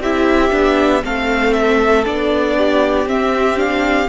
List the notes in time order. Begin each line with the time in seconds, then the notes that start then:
0.00 C4 E4 G4 E5
0.51 B3 D4
1.03 A3 C4 A4 F5
1.53 E5
2.05 B3 D4 D5
2.57 G4
3.06 C4 E5
3.56 D4 F5